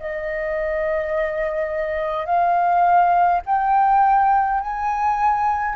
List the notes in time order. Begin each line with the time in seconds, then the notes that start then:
0.00 D#5
2.26 F5
3.46 G5
4.61 G#5